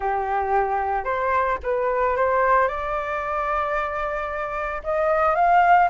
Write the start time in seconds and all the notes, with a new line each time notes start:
0.00 G4
1.04 C5
1.63 B4
2.16 C5
2.67 D5
4.83 D#5
5.35 F5